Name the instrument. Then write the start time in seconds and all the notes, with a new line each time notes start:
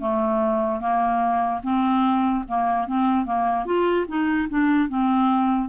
clarinet
0.00 A3
0.80 A#3
1.63 C4
2.48 A#3
2.87 C4
3.26 A#3
3.66 F4
4.08 D#4
4.49 D4
4.89 C4